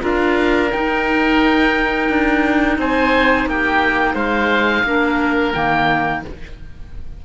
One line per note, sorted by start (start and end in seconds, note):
0.00 0.72 D4
0.00 0.69 F4
0.00 2.78 A#4
0.00 0.71 F5
0.71 4.85 D#4
0.71 2.09 D#4
0.71 2.78 G5
2.09 2.78 D4
2.78 3.46 C4
2.78 3.49 C5
2.78 3.49 G#5
3.46 4.14 A#3
3.46 4.14 G4
3.46 4.16 G5
4.14 4.83 G#3
4.14 4.83 C5
4.14 5.53 F5
4.83 5.52 A#3
4.83 5.53 D4
4.83 6.25 A#4
5.53 6.24 D#3
5.53 6.22 A#3
5.53 6.22 G5